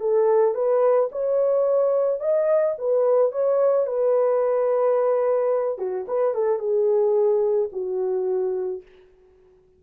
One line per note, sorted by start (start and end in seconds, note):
0.00 0.54 A4
0.54 1.09 B4
1.11 2.20 C#5
2.20 2.75 D#5
2.78 3.32 B4
3.32 3.86 C#5
3.86 5.78 B4
5.78 6.05 F#4
6.07 6.34 B4
6.34 6.59 A4
6.59 7.69 G#4
7.72 8.82 F#4